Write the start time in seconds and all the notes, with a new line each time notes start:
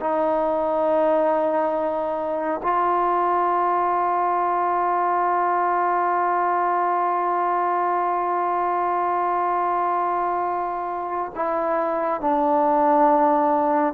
0.00 D#4
2.63 F4
11.35 E4
12.21 D4